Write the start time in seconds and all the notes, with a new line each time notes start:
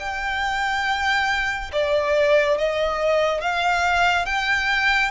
0.00 G5
1.73 D5
2.58 D#5
3.41 F5
4.26 G5